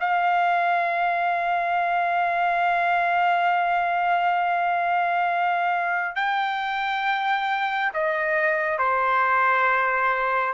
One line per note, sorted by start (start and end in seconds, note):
0.00 6.16 F5
6.16 7.92 G5
7.94 8.78 D#5
8.78 10.54 C5